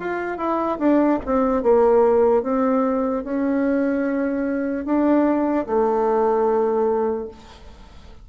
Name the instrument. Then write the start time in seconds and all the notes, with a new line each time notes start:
bassoon
0.00 F4
0.38 E4
0.79 D4
1.26 C4
1.63 A#3
2.43 C4
3.24 C#4
4.85 D4
5.67 A3